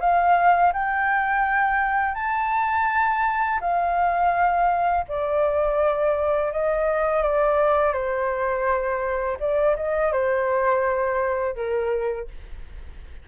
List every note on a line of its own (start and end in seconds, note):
0.00 0.72 F5
0.73 2.15 G5
2.15 3.59 A5
3.60 5.05 F5
5.08 6.52 D5
6.52 7.23 D#5
7.23 7.93 D5
7.93 9.37 C5
9.39 9.76 D5
9.76 10.12 D#5
10.12 11.55 C5
11.55 12.28 A#4